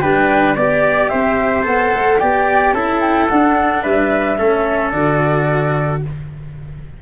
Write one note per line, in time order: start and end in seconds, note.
0.00 0.56 G3
0.00 0.56 D4
0.00 0.55 B4
0.00 0.55 G5
0.55 1.10 B3
0.55 1.63 G4
0.55 1.10 D5
0.55 1.09 D5
1.09 1.66 C4
1.09 2.19 C5
1.09 1.63 E5
1.63 1.93 B3
1.63 2.17 A4
1.63 2.19 F#5
1.94 2.21 A3
2.19 2.73 B3
2.19 2.75 G4
2.19 2.74 D5
2.19 2.72 G5
2.72 3.27 C#4
2.72 3.29 E4
2.72 3.83 A4
2.72 3.00 A5
3.00 3.27 G5
3.28 4.38 D4
3.28 3.85 D4
3.28 3.82 F#5
3.82 4.39 G3
3.82 4.37 B4
3.82 4.91 E5
4.38 4.93 A3
4.38 4.92 C#4
4.38 6.02 A4
4.91 6.02 D3
4.91 6.01 F#4
4.91 6.00 D5